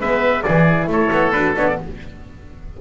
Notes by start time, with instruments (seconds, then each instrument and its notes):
0.00 double bass G#3, horn B3, oboe B4, trumpet E5
0.43 double bass E3, horn E4, oboe G#4, trumpet D5
0.88 double bass A3, oboe A4, trumpet C#5
1.13 double bass B3
1.33 double bass D4, horn F#4, trumpet B4
1.56 double bass B3, horn D4, trumpet C#5
1.68 trumpet D5